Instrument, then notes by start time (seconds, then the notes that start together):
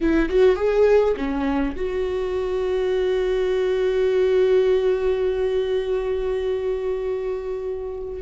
viola
0.00 E4
0.29 F#4
0.55 G#4
1.16 C#4
1.76 F#4